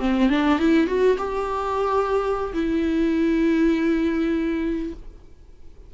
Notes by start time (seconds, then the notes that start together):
0.00 C4
0.30 D4
0.59 E4
0.88 F#4
1.18 G4
2.54 E4